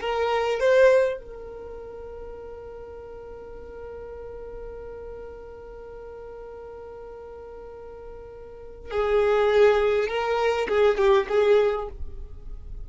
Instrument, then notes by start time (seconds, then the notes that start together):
violin
0.00 A#4
0.59 C5
1.18 A#4
8.91 G#4
10.08 A#4
10.68 G#4
10.97 G4
11.29 G#4